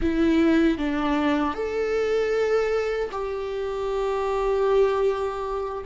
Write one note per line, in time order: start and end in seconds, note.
0.01 0.78 E4
0.78 1.54 D4
1.54 3.10 A4
3.11 5.84 G4